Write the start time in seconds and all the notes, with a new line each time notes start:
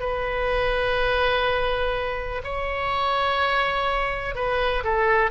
0.00 B4
2.44 C#5
4.35 B4
4.84 A4